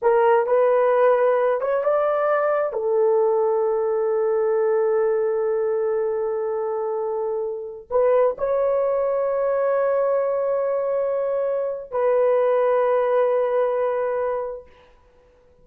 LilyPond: \new Staff \with { instrumentName = "horn" } { \time 4/4 \tempo 4 = 131 ais'4 b'2~ b'8 cis''8 | d''2 a'2~ | a'1~ | a'1~ |
a'4~ a'16 b'4 cis''4.~ cis''16~ | cis''1~ | cis''2 b'2~ | b'1 | }